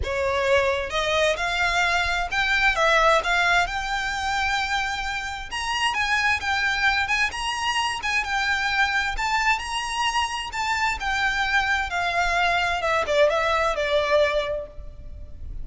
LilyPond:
\new Staff \with { instrumentName = "violin" } { \time 4/4 \tempo 4 = 131 cis''2 dis''4 f''4~ | f''4 g''4 e''4 f''4 | g''1 | ais''4 gis''4 g''4. gis''8 |
ais''4. gis''8 g''2 | a''4 ais''2 a''4 | g''2 f''2 | e''8 d''8 e''4 d''2 | }